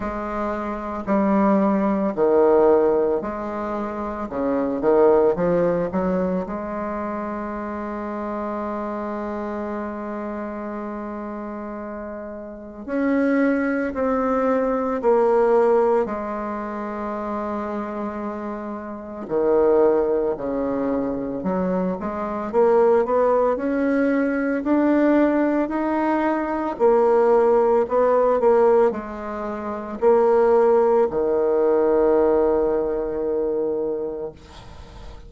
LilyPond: \new Staff \with { instrumentName = "bassoon" } { \time 4/4 \tempo 4 = 56 gis4 g4 dis4 gis4 | cis8 dis8 f8 fis8 gis2~ | gis1 | cis'4 c'4 ais4 gis4~ |
gis2 dis4 cis4 | fis8 gis8 ais8 b8 cis'4 d'4 | dis'4 ais4 b8 ais8 gis4 | ais4 dis2. | }